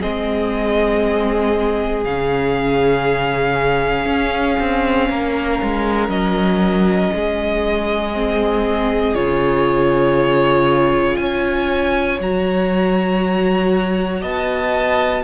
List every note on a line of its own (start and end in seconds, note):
0.00 2.05 G#3
0.00 2.05 C4
0.00 5.08 G#4
0.00 2.04 D#5
2.04 4.05 C#3
2.04 8.13 C#4
2.04 6.10 F5
4.05 4.56 C#4
4.60 5.10 C4
5.09 5.61 A#3
5.09 7.13 A#4
5.62 6.08 G#3
6.08 7.10 F#3
6.08 9.15 D#5
7.14 9.15 G#3
7.14 11.21 G#4
8.13 9.15 C4
9.15 11.18 C#3
9.15 12.20 F4
9.15 11.17 C#5
11.17 12.19 C#4
11.17 14.21 C#5
11.17 12.18 G#5
12.20 14.22 F#3
12.20 15.23 F#4
12.20 14.24 A#5
14.21 15.23 B3
14.21 15.23 D#5
14.21 15.23 A5